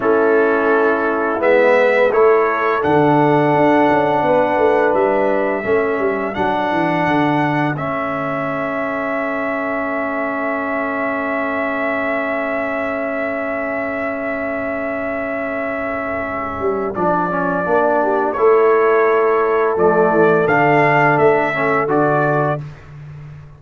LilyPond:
<<
  \new Staff \with { instrumentName = "trumpet" } { \time 4/4 \tempo 4 = 85 a'2 e''4 cis''4 | fis''2. e''4~ | e''4 fis''2 e''4~ | e''1~ |
e''1~ | e''1 | d''2 cis''2 | d''4 f''4 e''4 d''4 | }
  \new Staff \with { instrumentName = "horn" } { \time 4/4 e'2~ e'8 b'8 a'4~ | a'2 b'2 | a'1~ | a'1~ |
a'1~ | a'1~ | a'4. g'8 a'2~ | a'1 | }
  \new Staff \with { instrumentName = "trombone" } { \time 4/4 cis'2 b4 e'4 | d'1 | cis'4 d'2 cis'4~ | cis'1~ |
cis'1~ | cis'1 | d'8 cis'8 d'4 e'2 | a4 d'4. cis'8 fis'4 | }
  \new Staff \with { instrumentName = "tuba" } { \time 4/4 a2 gis4 a4 | d4 d'8 cis'8 b8 a8 g4 | a8 g8 fis8 e8 d4 a4~ | a1~ |
a1~ | a2.~ a8 g8 | f4 ais4 a2 | f8 e8 d4 a4 d4 | }
>>